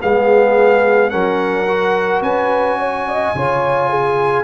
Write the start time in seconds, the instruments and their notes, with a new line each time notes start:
0.00 tuba G#3, trombone B3, horn G#4, trumpet F5
1.10 tuba F#3, trombone C#4, horn A#4, trumpet F#5
1.68 trombone F#4
2.21 tuba C#4, horn B4, trumpet G#5
2.78 horn C#5
3.08 horn D#5
3.34 tuba C#3, trombone F4, horn C#5
3.90 horn G#4